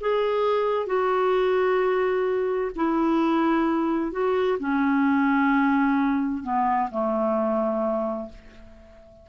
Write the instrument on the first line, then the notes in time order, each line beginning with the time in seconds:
clarinet
0.00 G#4
0.86 F#4
2.75 E4
4.11 F#4
4.59 C#4
6.43 B3
6.90 A3